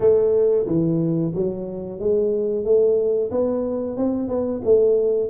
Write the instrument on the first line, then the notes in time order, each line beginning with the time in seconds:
tuba
0.00 A3
0.66 E3
1.34 F#3
1.99 G#3
2.65 A3
3.31 B3
3.97 C4
4.28 B3
4.64 A3